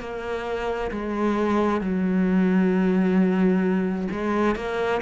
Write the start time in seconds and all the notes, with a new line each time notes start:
0.00 A#3
0.91 G#3
1.81 F#3
4.11 G#3
4.56 A#3